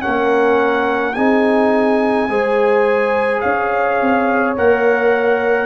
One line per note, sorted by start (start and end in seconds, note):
0.00 1.13 C#4
0.00 1.16 A#4
0.00 1.13 F#5
0.06 1.16 A#3
1.13 2.29 C4
1.13 2.28 D#4
1.13 2.29 G#4
1.13 3.40 G#5
2.29 3.42 G#3
2.29 4.56 G#4
2.29 3.41 C5
3.40 4.01 C#4
3.40 5.65 C#5
3.40 4.54 F5
4.01 4.57 C4
4.56 5.65 A#3
4.56 5.65 A#4
4.56 5.65 F#5